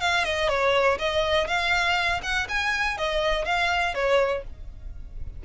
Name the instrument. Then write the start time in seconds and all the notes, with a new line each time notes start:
violin
0.00 F5
0.24 D#5
0.49 C#5
0.98 D#5
1.47 F5
2.22 F#5
2.48 G#5
2.97 D#5
3.45 F5
3.94 C#5